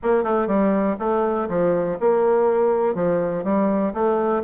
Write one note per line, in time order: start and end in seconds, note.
0.02 0.23 A#3
0.23 0.47 A3
0.47 0.96 G3
0.99 1.48 A3
1.48 1.97 F3
1.99 2.94 A#3
2.94 3.43 F3
3.43 3.93 G3
3.93 4.42 A3